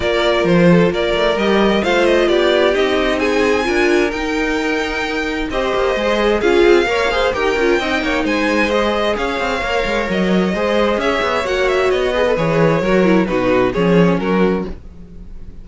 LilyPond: <<
  \new Staff \with { instrumentName = "violin" } { \time 4/4 \tempo 4 = 131 d''4 c''4 d''4 dis''4 | f''8 dis''8 d''4 dis''4 gis''4~ | gis''4 g''2. | dis''2 f''2 |
g''2 gis''4 dis''4 | f''2 dis''2 | e''4 fis''8 e''8 dis''4 cis''4~ | cis''4 b'4 cis''4 ais'4 | }
  \new Staff \with { instrumentName = "violin" } { \time 4/4 ais'4. a'8 ais'2 | c''4 g'2 gis'4 | ais'1 | c''2 gis'4 cis''8 c''8 |
ais'4 dis''8 cis''8 c''2 | cis''2. c''4 | cis''2~ cis''8 b'4. | ais'4 fis'4 gis'4 fis'4 | }
  \new Staff \with { instrumentName = "viola" } { \time 4/4 f'2. g'4 | f'2 dis'2 | f'4 dis'2. | g'4 gis'4 f'4 ais'8 gis'8 |
g'8 f'8 dis'2 gis'4~ | gis'4 ais'2 gis'4~ | gis'4 fis'4. gis'16 a'16 gis'4 | fis'8 e'8 dis'4 cis'2 | }
  \new Staff \with { instrumentName = "cello" } { \time 4/4 ais4 f4 ais8 a8 g4 | a4 b4 c'2 | d'4 dis'2. | c'8 ais8 gis4 cis'8 c'8 ais4 |
dis'8 cis'8 c'8 ais8 gis2 | cis'8 c'8 ais8 gis8 fis4 gis4 | cis'8 b8 ais4 b4 e4 | fis4 b,4 f4 fis4 | }
>>